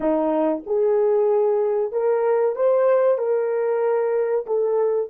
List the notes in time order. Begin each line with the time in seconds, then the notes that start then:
0.00 D#4
0.66 G#4
1.91 A#4
2.55 C5
3.17 A#4
4.46 A4